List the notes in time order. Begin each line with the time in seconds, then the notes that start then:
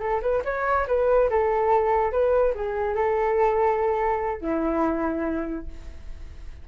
0.00 A4
0.22 B4
0.45 C#5
0.88 B4
1.30 A4
2.12 B4
2.55 G#4
2.95 A4
4.41 E4